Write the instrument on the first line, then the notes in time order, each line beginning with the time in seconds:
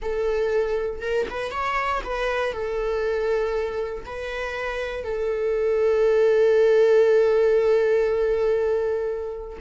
viola
0.02 A4
1.01 A#4
1.29 B4
1.51 C#5
2.04 B4
2.52 A4
4.05 B4
5.04 A4